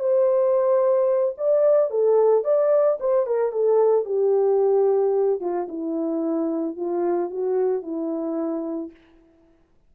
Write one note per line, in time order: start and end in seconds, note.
0.00 1.35 C5
1.38 1.91 D5
1.91 2.45 A4
2.45 2.99 D5
3.00 3.27 C5
3.27 3.52 A#4
3.52 4.06 A4
4.06 5.41 G4
5.41 5.68 F4
5.69 6.77 E4
6.77 7.31 F4
7.31 7.83 F#4
7.83 8.91 E4